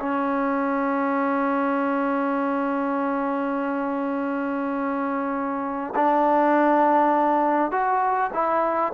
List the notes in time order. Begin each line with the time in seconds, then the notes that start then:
0.00 C#4
5.96 D4
7.72 F#4
8.34 E4